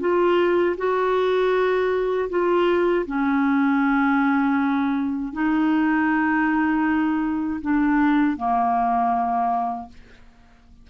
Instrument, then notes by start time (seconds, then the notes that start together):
clarinet
0.00 F4
0.77 F#4
2.30 F4
3.07 C#4
5.33 D#4
7.61 D4
8.37 A#3